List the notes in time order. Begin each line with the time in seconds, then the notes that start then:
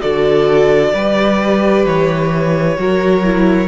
0.00 D3 F#4 A4 D5
0.93 G3 G4 B4
1.85 E3 C#5
2.76 F#3 F#4 A#4
3.23 E4